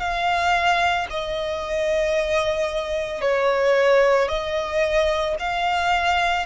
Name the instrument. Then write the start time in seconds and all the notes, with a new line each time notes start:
violin
0.00 F5
1.10 D#5
3.21 C#5
4.29 D#5
5.40 F5